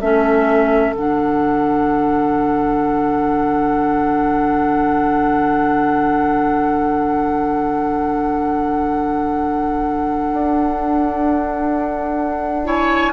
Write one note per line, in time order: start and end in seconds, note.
0.00 0.92 A3
0.00 0.96 C#4
0.00 12.66 A4
0.00 0.94 E5
0.92 10.29 D3
0.92 12.65 D4
0.92 12.68 F#5
10.33 13.12 D4
12.65 13.12 E4
12.65 13.12 C#5
12.65 13.12 G#5